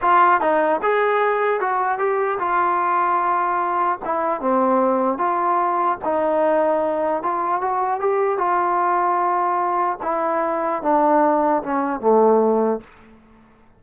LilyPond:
\new Staff \with { instrumentName = "trombone" } { \time 4/4 \tempo 4 = 150 f'4 dis'4 gis'2 | fis'4 g'4 f'2~ | f'2 e'4 c'4~ | c'4 f'2 dis'4~ |
dis'2 f'4 fis'4 | g'4 f'2.~ | f'4 e'2 d'4~ | d'4 cis'4 a2 | }